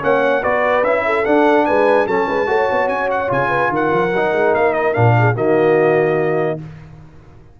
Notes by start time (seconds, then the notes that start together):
0.00 A#3 C#4 C#5 F#5
0.42 B3 F#4 B4 D5
0.83 C#4 E4 E5
1.06 A4
1.25 D4 F#5
1.65 G#3 B4 G#5
2.06 F#3 C#4 A4 A5
2.27 G#3 B4
2.46 A3 F#4 C#5
2.71 B3
2.88 C#4 G#5
3.10 F#5
3.27 C#3 F4 G#5
3.49 B4
3.69 D#3 A#4 F#5
3.92 F3
4.12 F#3 D#4
4.32 G#3
4.54 A#3 F5
4.73 D#5
4.94 A#2 D4 F5
5.18 G#4
5.34 D#3 A#3 F#4 D#5